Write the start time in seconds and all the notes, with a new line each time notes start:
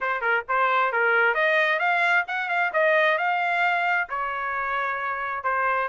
0.00 C5
0.21 A#4
0.48 C5
0.92 A#4
1.34 D#5
1.79 F5
2.27 F#5
2.48 F5
2.73 D#5
3.18 F5
4.09 C#5
5.43 C5